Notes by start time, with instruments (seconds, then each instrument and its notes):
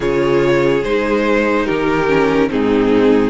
0.00 cello C#3, viola F4, violin G#4 C#5
0.83 cello G#3, viola D#4, violin C5
1.65 cello D#3, violin G4 A#4
2.08 viola C#4
2.49 cello G#2, viola C4, violin D#4 G#4